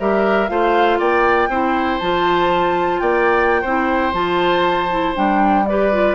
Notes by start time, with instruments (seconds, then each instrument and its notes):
0.00 bassoon G3, clarinet G4, oboe A#4, flute E5
0.49 bassoon A3, clarinet F4, oboe C5, flute F5
0.99 bassoon A#3, oboe D5, flute G5
1.49 bassoon C4, clarinet E4, oboe C5
1.99 bassoon F3, clarinet F4, flute A5
3.00 bassoon A#3, oboe D5, flute G5
3.62 bassoon C4, clarinet E4, oboe C5
4.13 bassoon F3, clarinet F4, flute A5
4.91 clarinet E4
5.15 bassoon G3, clarinet D4, flute G5
5.66 clarinet G4, oboe B4, flute D5
5.93 clarinet F4